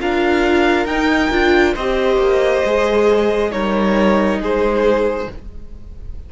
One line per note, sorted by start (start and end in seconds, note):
0.00 0.86 D4
0.00 0.88 F4
0.00 1.74 A#4
0.00 0.86 F5
0.86 1.30 D#4
0.86 1.32 D#4
0.86 1.75 G5
1.31 1.75 D4
1.31 1.76 F4
1.74 2.17 C4
1.74 2.66 G4
1.74 3.51 C5
1.74 3.52 D#5
2.17 2.62 A#3
2.65 3.53 G#3
2.65 3.52 G#4
3.52 4.39 G3
3.52 5.28 D#4
3.52 4.41 A#4
3.52 4.40 C#5
4.39 5.27 G#3
4.39 5.30 G#4
4.39 5.32 C5